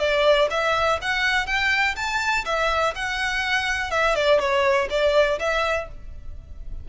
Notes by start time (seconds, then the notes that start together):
0.00 D5
0.51 E5
1.02 F#5
1.47 G5
1.96 A5
2.46 E5
2.95 F#5
3.91 E5
4.16 D5
4.40 C#5
4.90 D5
5.39 E5